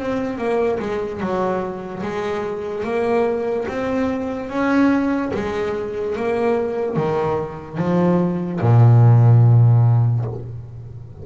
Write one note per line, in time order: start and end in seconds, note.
0.00 0.38 C4
0.38 0.79 A#3
0.80 1.20 G#3
1.20 2.02 F#3
2.03 2.84 G#3
2.84 3.67 A#3
3.68 4.50 C4
4.50 5.32 C#4
5.34 6.16 G#3
6.16 6.97 A#3
6.97 7.78 D#3
7.78 8.60 F3
8.61 10.26 A#2